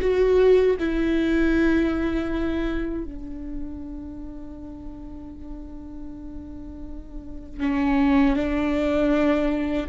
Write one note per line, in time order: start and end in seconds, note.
0.00 0.76 F#4
0.79 3.04 E4
3.04 7.59 D4
7.59 8.35 C#4
8.35 9.87 D4